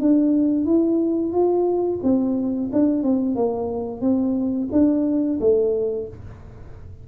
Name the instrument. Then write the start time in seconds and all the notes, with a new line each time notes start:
tuba
0.00 D4
0.65 E4
1.32 F4
2.03 C4
2.72 D4
3.03 C4
3.35 A#3
4.01 C4
4.72 D4
5.40 A3